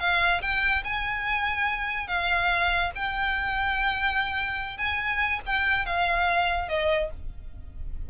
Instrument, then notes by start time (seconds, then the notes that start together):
violin
0.00 F5
0.42 G5
0.84 G#5
2.08 F5
2.96 G5
4.78 G#5
5.46 G5
5.86 F5
6.69 D#5